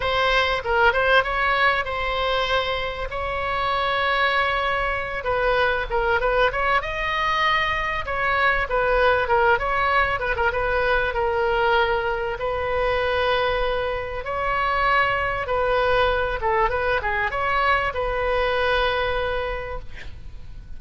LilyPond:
\new Staff \with { instrumentName = "oboe" } { \time 4/4 \tempo 4 = 97 c''4 ais'8 c''8 cis''4 c''4~ | c''4 cis''2.~ | cis''8 b'4 ais'8 b'8 cis''8 dis''4~ | dis''4 cis''4 b'4 ais'8 cis''8~ |
cis''8 b'16 ais'16 b'4 ais'2 | b'2. cis''4~ | cis''4 b'4. a'8 b'8 gis'8 | cis''4 b'2. | }